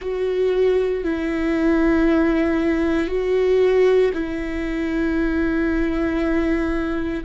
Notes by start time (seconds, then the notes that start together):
0.01 F#4
1.03 E4
3.08 F#4
4.13 E4